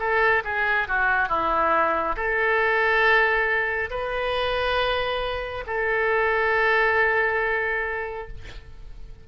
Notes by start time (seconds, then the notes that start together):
0.00 A4
0.45 G#4
0.89 F#4
1.29 E4
2.17 A4
3.91 B4
5.67 A4